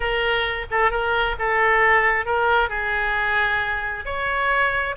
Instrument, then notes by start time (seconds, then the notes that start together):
oboe
0.00 A#4
0.70 A4
0.90 A#4
1.38 A4
2.25 A#4
2.69 G#4
4.05 C#5